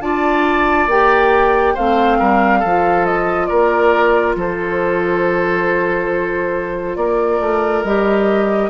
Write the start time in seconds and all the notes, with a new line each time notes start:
0.00 D4 F4 D5 A5
0.87 A#3 G4 G5
1.74 A3 C4 C5 F5
2.19 G3 A#4
2.59 F3 F4 A4
3.05 D#5
3.46 A#3 A#4 D5
4.36 F3 A4 C5
6.96 A#3 A#4 D5
7.40 A3
7.83 G3 G4 D#5